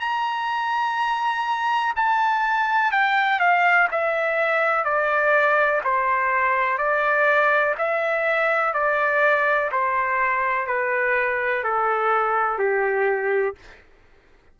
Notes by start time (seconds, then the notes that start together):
0.00 A#5
1.96 A5
2.92 G5
3.40 F5
3.91 E5
4.85 D5
5.84 C5
6.78 D5
7.78 E5
8.74 D5
9.72 C5
10.67 B4
11.64 A4
12.59 G4